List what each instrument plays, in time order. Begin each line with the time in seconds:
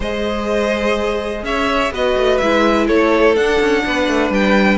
0.00 cello G#3, viola G#4, violin C5 D#5
1.42 cello C#4, violin C#5 E5
1.91 cello B3, viola F#4, violin B4 D#5
2.16 cello A3
2.38 cello G#3, viola E4, violin E5
2.87 cello A3, violin A4 C#5
3.35 cello D4, viola D4, violin F#5
3.60 cello C#4
3.85 cello B3, violin B4
4.08 cello A3
4.30 cello G3, violin G5